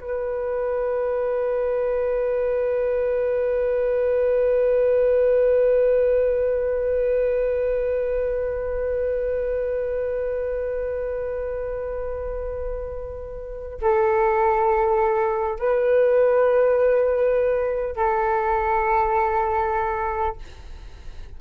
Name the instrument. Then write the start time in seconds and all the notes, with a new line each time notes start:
flute
0.00 B4
13.82 A4
15.59 B4
17.96 A4